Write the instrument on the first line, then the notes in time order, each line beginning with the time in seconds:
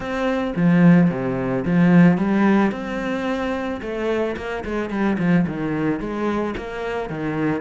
cello
0.00 C4
0.56 F3
1.10 C3
1.65 F3
2.17 G3
2.71 C4
3.81 A3
4.36 A#3
4.64 G#3
4.90 G3
5.18 F3
5.47 D#3
6.00 G#3
6.57 A#3
7.09 D#3